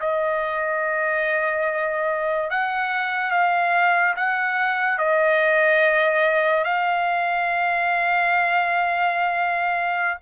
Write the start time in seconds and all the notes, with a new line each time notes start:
0.00 D#5
2.50 F#5
3.31 F5
4.16 F#5
4.98 D#5
6.64 F5